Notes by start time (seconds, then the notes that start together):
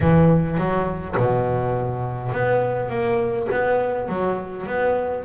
0.01 E3
0.57 F#3
1.17 B2
2.31 B3
2.89 A#3
3.51 B3
4.09 F#3
4.66 B3